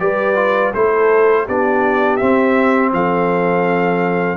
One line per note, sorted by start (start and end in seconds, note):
0.00 0.74 G3
0.00 0.36 G4
0.00 0.75 B4
0.00 0.73 D5
0.36 0.72 F4
0.74 1.48 A3
0.74 1.48 E4
0.74 1.46 A4
0.74 1.47 C5
1.46 2.22 B3
1.46 2.20 D4
1.46 2.92 G4
1.46 2.17 D5
2.17 4.37 C4
2.17 2.93 C4
2.17 2.90 E5
2.93 4.37 F3
2.93 4.37 A4
2.93 4.37 F5